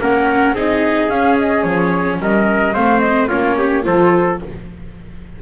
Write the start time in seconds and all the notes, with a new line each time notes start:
0.00 A#3 C#4 A#4 F#5
0.52 C4 D#4 G#4 D#5
1.08 C#4 F5
1.38 D#5
1.62 F3 C#5
2.19 G3 A#4 D#5
2.73 A3 C4 C5 F5
2.99 D#5
3.28 A#3 C#4 F4 C#5
3.57 G4
3.83 F3 F4 A4 C5